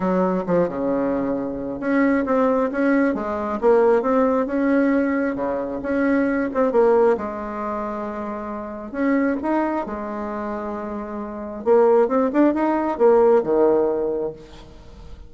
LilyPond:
\new Staff \with { instrumentName = "bassoon" } { \time 4/4 \tempo 4 = 134 fis4 f8 cis2~ cis8 | cis'4 c'4 cis'4 gis4 | ais4 c'4 cis'2 | cis4 cis'4. c'8 ais4 |
gis1 | cis'4 dis'4 gis2~ | gis2 ais4 c'8 d'8 | dis'4 ais4 dis2 | }